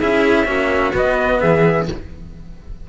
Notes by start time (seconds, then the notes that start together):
0.00 C#4 E4 G#4 E5
0.45 A#3 C#4 F#4
0.93 B3 D#5
1.40 E3 G#4 E5